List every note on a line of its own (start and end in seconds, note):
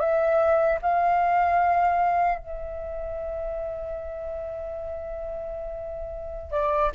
0.00 0.79 E5
0.82 2.39 F5
2.39 6.52 E5
6.52 6.91 D5